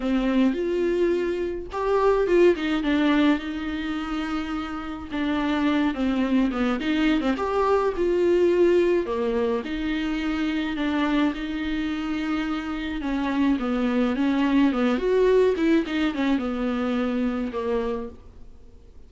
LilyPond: \new Staff \with { instrumentName = "viola" } { \time 4/4 \tempo 4 = 106 c'4 f'2 g'4 | f'8 dis'8 d'4 dis'2~ | dis'4 d'4. c'4 b8 | dis'8. c'16 g'4 f'2 |
ais4 dis'2 d'4 | dis'2. cis'4 | b4 cis'4 b8 fis'4 e'8 | dis'8 cis'8 b2 ais4 | }